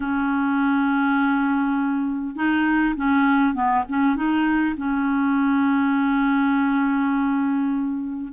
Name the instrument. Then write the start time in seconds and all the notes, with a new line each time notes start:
clarinet
0.00 C#4
2.35 D#4
2.96 C#4
3.54 B3
3.88 C#4
4.16 D#4
4.77 C#4